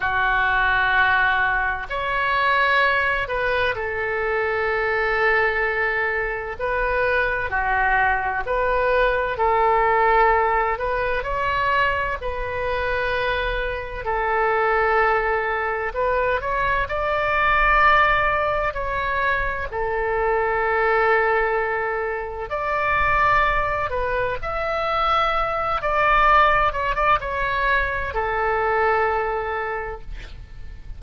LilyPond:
\new Staff \with { instrumentName = "oboe" } { \time 4/4 \tempo 4 = 64 fis'2 cis''4. b'8 | a'2. b'4 | fis'4 b'4 a'4. b'8 | cis''4 b'2 a'4~ |
a'4 b'8 cis''8 d''2 | cis''4 a'2. | d''4. b'8 e''4. d''8~ | d''8 cis''16 d''16 cis''4 a'2 | }